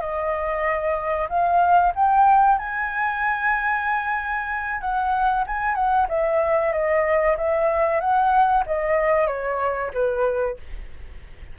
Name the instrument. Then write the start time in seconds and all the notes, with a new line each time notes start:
flute
0.00 D#5
1.29 F5
1.95 G5
2.58 G#5
4.80 F#5
5.47 G#5
5.74 F#5
6.09 E5
6.72 D#5
7.37 E5
8.00 F#5
8.66 D#5
9.27 C#5
9.93 B4